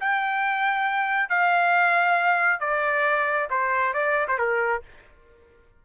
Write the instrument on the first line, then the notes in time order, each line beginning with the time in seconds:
trumpet
0.00 G5
1.29 F5
2.60 D5
3.50 C5
3.94 D5
4.28 C5
4.38 A#4